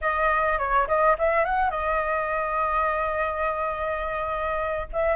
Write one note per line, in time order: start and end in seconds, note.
0.01 0.58 D#5
0.58 0.87 C#5
0.87 1.16 D#5
1.18 1.44 E5
1.44 1.70 F#5
1.70 4.87 D#5
4.92 5.16 E5